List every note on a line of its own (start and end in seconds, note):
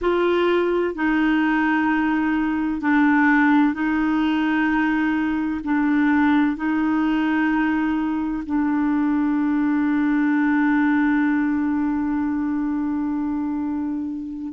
0.01 0.94 F4
0.94 2.81 D#4
2.81 3.73 D4
3.73 5.60 D#4
5.63 6.56 D4
6.56 8.43 D#4
8.45 14.53 D4